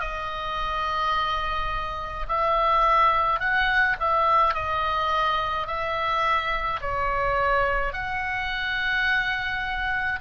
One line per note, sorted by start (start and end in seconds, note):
0.00 2.26 D#5
2.27 3.39 E5
3.39 3.96 F#5
3.99 4.54 E5
4.54 5.67 D#5
5.67 6.80 E5
6.81 7.92 C#5
7.92 10.19 F#5